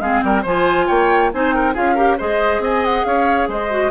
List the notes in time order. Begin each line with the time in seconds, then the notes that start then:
0.00 G#3 C4 G#4 F5
0.21 G3 A#4 G5
0.42 F3 F4 C5 G#5
0.87 A#3 C#5 G5
1.33 C4 D#4 C5 G#5
1.52 A#4 G5
1.74 C#4 F4 G#4 F5
1.95 G4 A#4
2.18 G#3 G#4 C5 D#5
2.59 C4 D#5 G#5
2.84 F#5
3.04 C#4 C#5 F5
3.48 G#3 C5 D#5
3.70 F#4